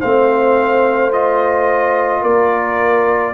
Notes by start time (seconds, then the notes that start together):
0.00 A3 C4 C5 F5
1.12 F4 D#5
2.22 A#3 A#4 D5